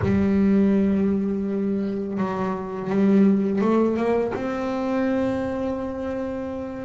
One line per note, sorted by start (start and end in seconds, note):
0.01 2.17 G3
2.17 2.89 F#3
2.90 3.61 G3
3.61 3.96 A3
3.96 4.32 A#3
4.34 6.85 C4